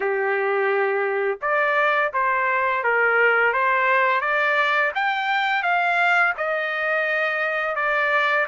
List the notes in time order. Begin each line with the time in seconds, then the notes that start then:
0.00 G4
1.41 D5
2.13 C5
2.83 A#4
3.53 C5
4.20 D5
4.94 G5
5.62 F5
6.37 D#5
7.75 D5